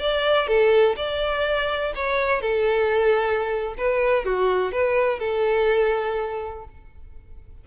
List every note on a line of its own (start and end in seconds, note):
0.00 0.48 D5
0.48 0.96 A4
0.97 1.94 D5
1.96 2.42 C#5
2.42 3.75 A4
3.78 4.26 B4
4.26 4.72 F#4
4.72 5.20 B4
5.20 6.65 A4